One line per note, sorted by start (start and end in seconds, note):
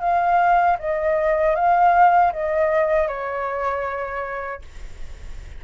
0.00 0.77 F5
0.79 1.55 D#5
1.55 2.32 F5
2.32 3.08 D#5
3.08 4.62 C#5